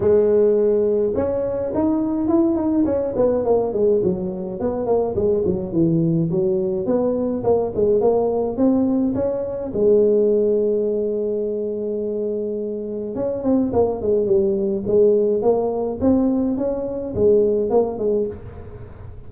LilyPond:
\new Staff \with { instrumentName = "tuba" } { \time 4/4 \tempo 4 = 105 gis2 cis'4 dis'4 | e'8 dis'8 cis'8 b8 ais8 gis8 fis4 | b8 ais8 gis8 fis8 e4 fis4 | b4 ais8 gis8 ais4 c'4 |
cis'4 gis2.~ | gis2. cis'8 c'8 | ais8 gis8 g4 gis4 ais4 | c'4 cis'4 gis4 ais8 gis8 | }